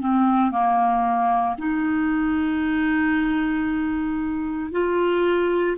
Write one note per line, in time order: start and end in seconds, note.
0.00 0.51 C4
0.51 1.56 A#3
1.58 4.71 D#4
4.71 5.77 F4